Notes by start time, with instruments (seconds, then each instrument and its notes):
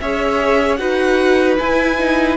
0.00 cello C#4, viola G#4, violin C#5 E5
0.76 cello D#4, viola F#4, violin B4 F#5
1.58 viola E4, cello E4, violin G#5
1.98 viola D#4